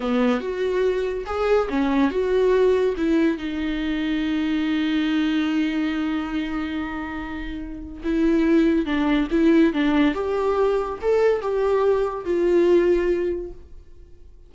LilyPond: \new Staff \with { instrumentName = "viola" } { \time 4/4 \tempo 4 = 142 b4 fis'2 gis'4 | cis'4 fis'2 e'4 | dis'1~ | dis'1~ |
dis'2. e'4~ | e'4 d'4 e'4 d'4 | g'2 a'4 g'4~ | g'4 f'2. | }